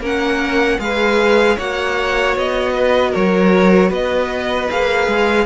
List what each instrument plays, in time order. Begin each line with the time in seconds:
0.00 cello A#3, viola C#4, violin A#4 F#5
0.79 cello G#3, viola G#4, violin B4 F5
1.56 cello A#3, viola F#4, violin C#5 F#5
2.36 cello B3, violin D#5
2.73 violin B4
3.11 cello F#3, violin A#4 C#5
3.89 cello B3, violin B4 D#5
4.69 cello A#3, viola G#4, violin F5
5.07 cello G#3